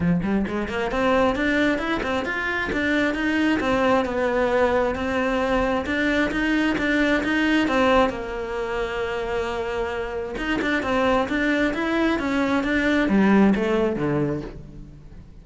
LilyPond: \new Staff \with { instrumentName = "cello" } { \time 4/4 \tempo 4 = 133 f8 g8 gis8 ais8 c'4 d'4 | e'8 c'8 f'4 d'4 dis'4 | c'4 b2 c'4~ | c'4 d'4 dis'4 d'4 |
dis'4 c'4 ais2~ | ais2. dis'8 d'8 | c'4 d'4 e'4 cis'4 | d'4 g4 a4 d4 | }